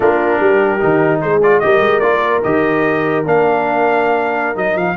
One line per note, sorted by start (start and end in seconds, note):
0.00 0.40 A#3
0.00 0.79 D4
0.00 0.39 F4
0.00 1.20 A#4
0.40 0.80 G3
0.40 1.21 G4
0.79 1.22 D#3
0.79 1.40 D#4
1.21 1.63 G#3
1.21 1.63 G#4
1.21 1.41 C5
1.42 1.61 F4
1.42 1.59 D5
1.59 1.80 G3
1.59 2.02 G4
1.59 4.96 A#4
1.59 1.99 D#5
1.80 2.00 G#3
1.99 2.42 A#3
1.99 2.42 F4
1.99 2.40 D5
2.43 3.25 D#3
2.43 3.25 G4
2.43 3.24 D#5
3.25 4.55 A#3
3.25 4.55 D4
3.25 4.57 F5
4.55 4.75 F#3
4.55 4.95 D#4
4.55 4.77 D#5
4.75 4.95 F3
4.75 4.96 F5